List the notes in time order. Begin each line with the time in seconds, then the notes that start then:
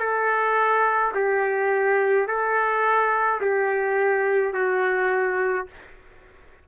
0.00 A4
1.15 G4
2.28 A4
3.41 G4
4.54 F#4